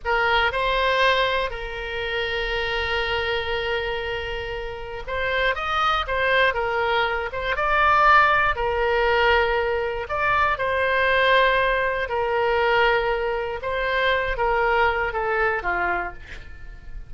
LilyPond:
\new Staff \with { instrumentName = "oboe" } { \time 4/4 \tempo 4 = 119 ais'4 c''2 ais'4~ | ais'1~ | ais'2 c''4 dis''4 | c''4 ais'4. c''8 d''4~ |
d''4 ais'2. | d''4 c''2. | ais'2. c''4~ | c''8 ais'4. a'4 f'4 | }